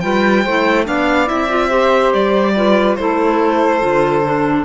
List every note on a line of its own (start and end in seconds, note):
0.00 0.46 G3
0.00 0.44 F4
0.00 0.43 B4
0.00 0.85 G5
0.43 0.87 A3
0.43 0.84 E4
0.43 0.85 C5
0.84 1.30 B3
0.84 1.26 D4
0.84 1.68 D5
0.84 1.28 F5
1.26 2.13 C4
1.26 1.47 E4
1.26 2.12 E5
1.49 1.70 F4
1.68 2.54 G4
1.68 2.52 C5
2.13 2.98 G3
2.13 2.95 D5
2.56 2.98 F4
2.56 2.98 B4
2.95 3.82 A3
2.95 3.80 E4
2.95 4.64 A4
2.95 4.64 C5
3.80 4.64 D3
3.80 4.23 F4
4.23 4.64 D4